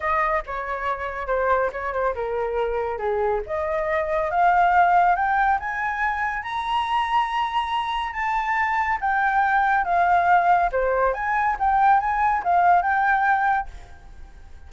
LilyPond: \new Staff \with { instrumentName = "flute" } { \time 4/4 \tempo 4 = 140 dis''4 cis''2 c''4 | cis''8 c''8 ais'2 gis'4 | dis''2 f''2 | g''4 gis''2 ais''4~ |
ais''2. a''4~ | a''4 g''2 f''4~ | f''4 c''4 gis''4 g''4 | gis''4 f''4 g''2 | }